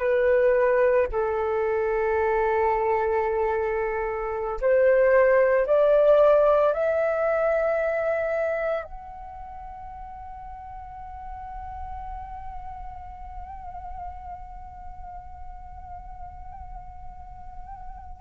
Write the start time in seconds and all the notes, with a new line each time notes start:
0.00 B4
1.12 A4
4.61 C5
5.66 D5
6.74 E5
8.84 F#5